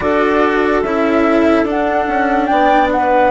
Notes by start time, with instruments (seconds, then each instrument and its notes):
0.00 bassoon D4, cello F#4, clarinet A4, flute D5
0.82 bassoon C#4, cello E4, flute E5
1.63 bassoon D4, cello D4, flute F#5
2.08 bassoon C#4
2.46 bassoon B3, clarinet D5, flute G5
2.91 clarinet B4, flute F#5